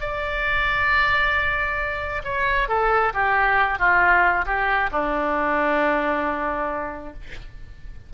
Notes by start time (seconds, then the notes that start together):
0.00 D5
2.24 C#5
2.68 A4
3.13 G4
3.78 F4
4.45 G4
4.91 D4